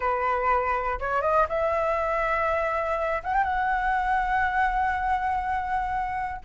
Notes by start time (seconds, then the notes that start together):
0.00 B4
0.99 C#5
1.21 D#5
1.49 E5
3.23 F#5
3.34 G5
3.43 F#5